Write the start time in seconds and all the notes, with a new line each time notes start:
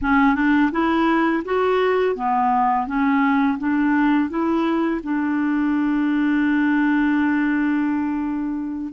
0.01 C#4
0.35 D4
0.71 E4
1.44 F#4
2.15 B3
2.86 C#4
3.58 D4
4.29 E4
5.03 D4